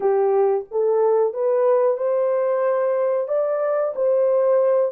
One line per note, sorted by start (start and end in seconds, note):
0.00 0.64 G4
0.71 1.33 A4
1.33 1.97 B4
1.97 3.28 C5
3.28 3.94 D5
3.95 4.92 C5